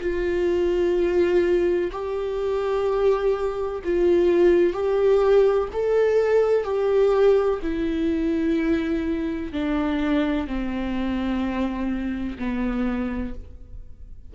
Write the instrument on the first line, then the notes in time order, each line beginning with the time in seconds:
viola
0.00 F4
1.91 G4
3.84 F4
4.73 G4
5.73 A4
6.64 G4
7.62 E4
9.52 D4
10.47 C4
12.39 B3